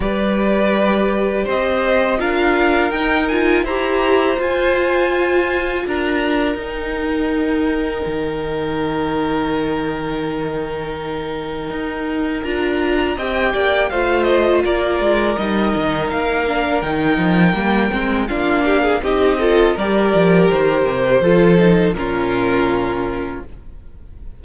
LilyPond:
<<
  \new Staff \with { instrumentName = "violin" } { \time 4/4 \tempo 4 = 82 d''2 dis''4 f''4 | g''8 gis''8 ais''4 gis''2 | ais''4 g''2.~ | g''1~ |
g''4 ais''4 g''4 f''8 dis''8 | d''4 dis''4 f''4 g''4~ | g''4 f''4 dis''4 d''4 | c''2 ais'2 | }
  \new Staff \with { instrumentName = "violin" } { \time 4/4 b'2 c''4 ais'4~ | ais'4 c''2. | ais'1~ | ais'1~ |
ais'2 dis''8 d''8 c''4 | ais'1~ | ais'4 f'8 g'16 gis'16 g'8 a'8 ais'4~ | ais'4 a'4 f'2 | }
  \new Staff \with { instrumentName = "viola" } { \time 4/4 g'2. f'4 | dis'8 f'8 g'4 f'2~ | f'4 dis'2.~ | dis'1~ |
dis'4 f'4 g'4 f'4~ | f'4 dis'4. d'8 dis'4 | ais8 c'8 d'4 dis'8 f'8 g'4~ | g'4 f'8 dis'8 cis'2 | }
  \new Staff \with { instrumentName = "cello" } { \time 4/4 g2 c'4 d'4 | dis'4 e'4 f'2 | d'4 dis'2 dis4~ | dis1 |
dis'4 d'4 c'8 ais8 a4 | ais8 gis8 g8 dis8 ais4 dis8 f8 | g8 gis8 ais4 c'4 g8 f8 | dis8 c8 f4 ais,2 | }
>>